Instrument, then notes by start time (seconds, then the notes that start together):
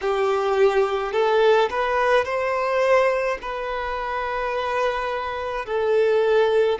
violin
0.01 G4
1.12 A4
1.70 B4
2.24 C5
3.41 B4
5.66 A4